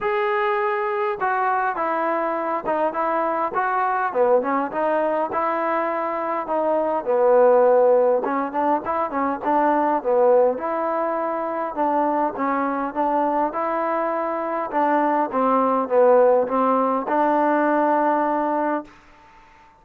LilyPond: \new Staff \with { instrumentName = "trombone" } { \time 4/4 \tempo 4 = 102 gis'2 fis'4 e'4~ | e'8 dis'8 e'4 fis'4 b8 cis'8 | dis'4 e'2 dis'4 | b2 cis'8 d'8 e'8 cis'8 |
d'4 b4 e'2 | d'4 cis'4 d'4 e'4~ | e'4 d'4 c'4 b4 | c'4 d'2. | }